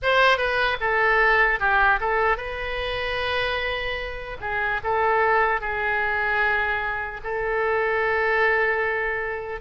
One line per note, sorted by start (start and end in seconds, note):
0.02 0.37 C5
0.37 0.77 B4
0.80 1.59 A4
1.59 1.99 G4
2.00 2.37 A4
2.37 4.37 B4
4.40 4.80 G#4
4.83 5.60 A4
5.60 7.20 G#4
7.23 9.60 A4